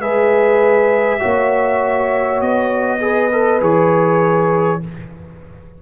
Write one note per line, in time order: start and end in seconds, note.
0.00 1.20 G#3
0.00 1.19 G#4
0.00 1.21 B4
0.00 2.41 E5
1.19 2.41 A#3
1.19 2.99 F#4
1.19 3.01 C#5
2.41 3.61 B3
2.41 3.61 D#5
3.00 3.31 G#4
3.00 4.82 B4
3.31 3.60 A4
3.60 4.81 E3
3.60 4.80 G#4
3.60 4.82 C#5